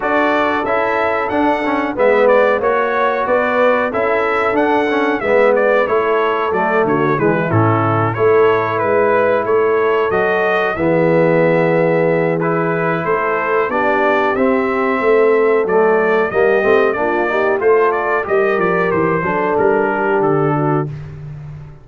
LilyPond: <<
  \new Staff \with { instrumentName = "trumpet" } { \time 4/4 \tempo 4 = 92 d''4 e''4 fis''4 e''8 d''8 | cis''4 d''4 e''4 fis''4 | e''8 d''8 cis''4 d''8 cis''8 b'8 a'8~ | a'8 cis''4 b'4 cis''4 dis''8~ |
dis''8 e''2~ e''8 b'4 | c''4 d''4 e''2 | d''4 dis''4 d''4 c''8 d''8 | dis''8 d''8 c''4 ais'4 a'4 | }
  \new Staff \with { instrumentName = "horn" } { \time 4/4 a'2. b'4 | cis''4 b'4 a'2 | b'4 a'4. fis'8 gis'16 e'8.~ | e'8 a'4 b'4 a'4.~ |
a'8 gis'2.~ gis'8 | a'4 g'2 a'4~ | a'4 g'4 f'8 g'8 a'4 | ais'4. a'4 g'4 fis'8 | }
  \new Staff \with { instrumentName = "trombone" } { \time 4/4 fis'4 e'4 d'8 cis'8 b4 | fis'2 e'4 d'8 cis'8 | b4 e'4 a4 gis8 cis'8~ | cis'8 e'2. fis'8~ |
fis'8 b2~ b8 e'4~ | e'4 d'4 c'2 | a4 ais8 c'8 d'8 dis'8 f'4 | g'4. d'2~ d'8 | }
  \new Staff \with { instrumentName = "tuba" } { \time 4/4 d'4 cis'4 d'4 gis4 | ais4 b4 cis'4 d'4 | gis4 a4 fis8 d8 e8 a,8~ | a,8 a4 gis4 a4 fis8~ |
fis8 e2.~ e8 | a4 b4 c'4 a4 | fis4 g8 a8 ais4 a4 | g8 f8 e8 fis8 g4 d4 | }
>>